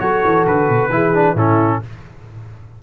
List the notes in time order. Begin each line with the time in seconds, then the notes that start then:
0.00 F#3 F#4 A4 C#5
0.24 E3
0.47 D3 B4
0.69 B2
0.90 E3 E4 G#4
1.14 D4
1.35 A2 C#4 E4 A4